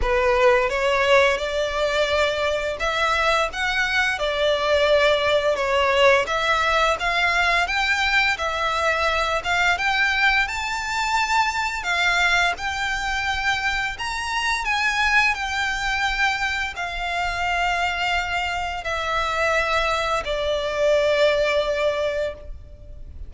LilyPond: \new Staff \with { instrumentName = "violin" } { \time 4/4 \tempo 4 = 86 b'4 cis''4 d''2 | e''4 fis''4 d''2 | cis''4 e''4 f''4 g''4 | e''4. f''8 g''4 a''4~ |
a''4 f''4 g''2 | ais''4 gis''4 g''2 | f''2. e''4~ | e''4 d''2. | }